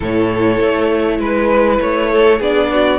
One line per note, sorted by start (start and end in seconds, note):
0.00 0.59 A2
0.00 2.40 E4
0.00 1.18 A4
0.00 1.20 C#5
0.59 1.19 A3
1.19 1.79 G#3
1.19 1.80 B4
1.19 2.11 B4
1.80 2.40 A3
1.80 2.41 C#5
2.11 2.38 A4
2.38 2.98 B3
2.38 2.98 D4
2.38 2.68 G#4
2.38 2.98 D5
2.73 2.98 F#4